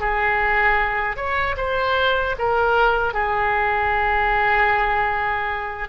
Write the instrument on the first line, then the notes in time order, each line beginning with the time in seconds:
oboe
0.00 G#4
1.16 C#5
1.57 C5
2.39 A#4
3.14 G#4